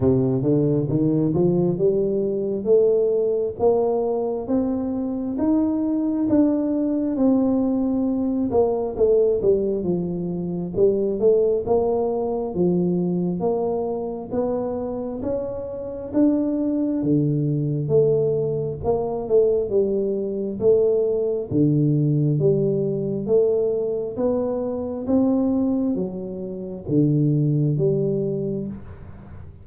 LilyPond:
\new Staff \with { instrumentName = "tuba" } { \time 4/4 \tempo 4 = 67 c8 d8 dis8 f8 g4 a4 | ais4 c'4 dis'4 d'4 | c'4. ais8 a8 g8 f4 | g8 a8 ais4 f4 ais4 |
b4 cis'4 d'4 d4 | a4 ais8 a8 g4 a4 | d4 g4 a4 b4 | c'4 fis4 d4 g4 | }